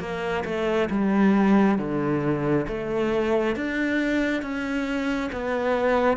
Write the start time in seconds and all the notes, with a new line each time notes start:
0.00 A#3
0.45 A3
0.90 G3
1.78 D3
2.68 A3
3.56 D4
4.42 C#4
5.33 B3